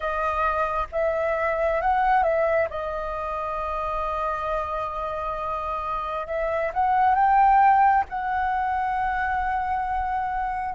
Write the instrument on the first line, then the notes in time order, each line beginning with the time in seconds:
flute
0.00 D#5
0.92 E5
1.81 F#5
2.23 E5
2.70 D#5
6.26 E5
6.73 F#5
7.14 G5
8.09 F#5